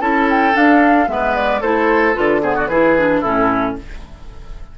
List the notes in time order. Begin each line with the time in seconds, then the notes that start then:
0.00 C#4 E4 A4 A5
0.30 G5
0.53 D4 F5
1.07 G#3 B3 B4 E5
1.35 D5
1.61 A3 E4 A4 C5
2.14 D3 F4 B4
2.42 B3 G#4 C5
2.56 F#4 D5
2.67 E3 E4 G#4 B4
2.98 D4
3.20 A2 C#4 E4 A4